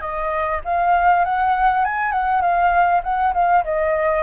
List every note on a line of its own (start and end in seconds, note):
0.00 0.60 D#5
0.64 1.24 F5
1.24 1.84 F#5
1.84 2.11 G#5
2.11 2.41 F#5
2.41 3.01 F5
3.03 3.33 F#5
3.33 3.63 F5
3.64 4.22 D#5